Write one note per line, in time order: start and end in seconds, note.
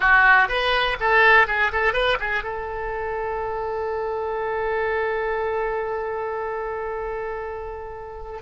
0.00 0.48 F#4
0.48 0.97 B4
1.00 1.47 A4
1.47 1.71 G#4
1.72 1.93 A4
1.93 2.17 B4
2.19 2.43 G#4
2.43 8.40 A4